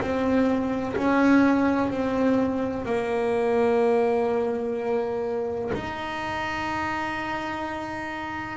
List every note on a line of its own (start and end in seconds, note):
0.00 0.95 C4
0.96 1.90 C#4
1.90 2.85 C4
2.85 5.71 A#3
5.74 8.57 D#4